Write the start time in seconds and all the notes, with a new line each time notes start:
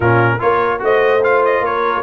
0.00 A#2 C#4 F4 A#4
0.39 A#3 F4 A#4 C#5
0.79 A3 F#4 C5 D#5
1.22 F4 F5
1.44 D#5
1.60 A#3 A#4 C#5